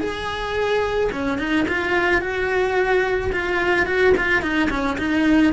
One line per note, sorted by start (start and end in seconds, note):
0.00 1.10 G#4
1.12 1.38 C#4
1.38 1.66 D#4
1.68 2.21 F4
2.21 3.31 F#4
3.32 3.86 F4
3.86 4.13 F#4
4.17 4.42 F4
4.42 4.69 D#4
4.70 4.97 C#4
4.98 5.52 D#4